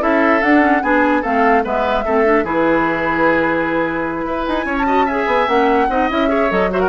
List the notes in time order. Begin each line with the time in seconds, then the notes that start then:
0.00 C#4 E4 A4 E5
0.43 D4 F#5
0.61 C#4
0.83 B3 D4 G#4 G#5
1.22 A3 C4 A4 F5
1.64 G#3 B3 B4 E5
2.05 A3 C4 A4
2.25 D4
2.44 E3 E4 G#4 B4
4.25 E4 B4
4.47 D#4 G#5
4.65 C#4 C#5
4.78 A5
4.86 F#4 D#5
5.06 G#4 E5 G#5
5.27 B3
5.48 A#3 C#4 F#5
5.89 C4 D#4 D#5
6.10 C#4 E4 E5
6.28 G#4 C#5
6.51 F#3 A4 D#5
6.71 F#4 C5 E5
6.80 A#4 F#5